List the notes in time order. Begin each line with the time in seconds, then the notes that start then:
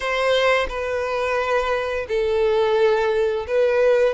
0.00 C5
0.68 B4
2.08 A4
3.47 B4